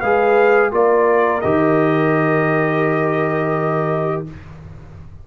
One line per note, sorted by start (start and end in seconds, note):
0.00 0.72 G#3
0.00 0.71 G#4
0.00 0.71 B4
0.00 0.71 F5
0.71 1.43 A#3
0.71 1.42 F4
0.71 4.27 A#4
0.71 1.41 D5
1.41 4.27 D#3
1.41 4.27 G4
1.41 4.24 D#5